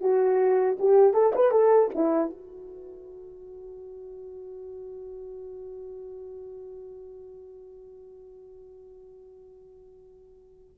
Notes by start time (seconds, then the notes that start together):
0.00 F#4
0.79 G4
1.13 A4
1.35 B4
1.51 A4
1.94 E4
2.30 F#4